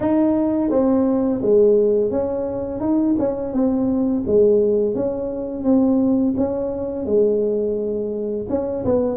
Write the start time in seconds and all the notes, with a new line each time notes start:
0.00 D#4
0.70 C4
1.41 G#3
2.10 C#4
2.80 D#4
3.18 C#4
3.53 C4
4.26 G#3
4.94 C#4
5.63 C4
6.37 C#4
7.05 G#3
8.49 C#4
8.84 B3